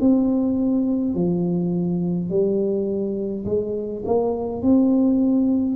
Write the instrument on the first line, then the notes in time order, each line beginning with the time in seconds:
tuba
0.00 C4
1.14 F3
2.30 G3
3.45 G#3
4.05 A#3
4.62 C4